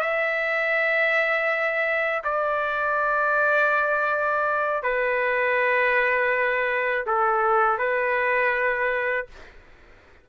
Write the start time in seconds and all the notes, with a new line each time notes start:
0.00 E5
2.24 D5
4.83 B4
7.06 A4
7.78 B4